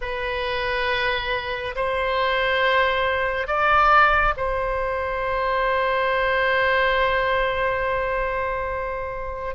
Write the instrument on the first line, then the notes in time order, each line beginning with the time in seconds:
oboe
0.01 B4
1.75 C5
3.47 D5
4.37 C5